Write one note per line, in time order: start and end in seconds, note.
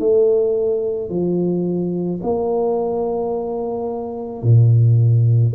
0.00 1.10 A3
1.10 2.21 F3
2.23 4.43 A#3
4.43 5.54 A#2